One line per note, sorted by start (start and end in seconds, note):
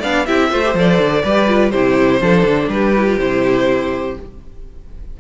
0.00 0.28 B3
0.00 0.27 D4
0.00 0.24 D5
0.00 0.27 F5
0.27 0.53 C4
0.27 0.52 E4
0.27 0.50 G4
0.27 0.75 E5
0.50 0.75 A3
0.50 0.64 F4
0.50 1.23 C5
0.64 0.76 G4
0.75 0.99 F3
0.75 1.25 A4
0.75 1.71 D5
0.99 1.23 D3
1.24 1.74 G3
1.24 1.48 G4
1.24 1.72 B4
1.48 1.72 F4
1.71 2.21 C3
1.71 2.21 E4
1.71 2.21 G4
1.71 2.68 C5
2.21 2.43 F3
2.21 2.95 D4
2.21 2.72 A4
2.43 2.68 D3
2.69 3.18 G3
2.69 4.20 G4
2.69 3.18 B4
2.97 3.08 E4
3.08 3.20 F4
3.19 4.17 C3
3.19 4.17 E4
3.19 4.18 C5